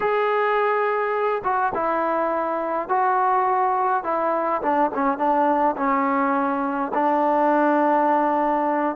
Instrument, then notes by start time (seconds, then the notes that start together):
trombone
0.00 G#4
1.44 F#4
1.74 E4
2.88 F#4
4.03 E4
4.62 D4
4.94 C#4
5.17 D4
5.76 C#4
6.94 D4